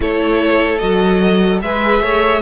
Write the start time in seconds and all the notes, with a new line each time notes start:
0.00 A3 E4 A4 C#5
0.78 F#3 F#4 D#5
1.61 G#3 G#4 B4 E5
2.00 A3 C#5